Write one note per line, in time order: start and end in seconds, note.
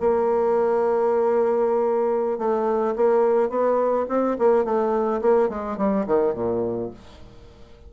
0.00 2.37 A#3
2.37 2.94 A3
2.96 3.49 A#3
3.49 4.05 B3
4.08 4.37 C4
4.38 4.64 A#3
4.64 5.20 A3
5.21 5.49 A#3
5.49 5.77 G#3
5.77 6.05 G3
6.06 6.34 D#3
6.34 6.90 A#2